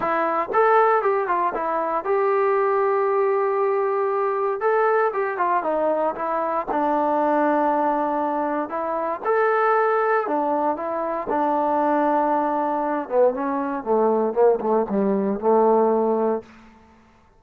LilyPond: \new Staff \with { instrumentName = "trombone" } { \time 4/4 \tempo 4 = 117 e'4 a'4 g'8 f'8 e'4 | g'1~ | g'4 a'4 g'8 f'8 dis'4 | e'4 d'2.~ |
d'4 e'4 a'2 | d'4 e'4 d'2~ | d'4. b8 cis'4 a4 | ais8 a8 g4 a2 | }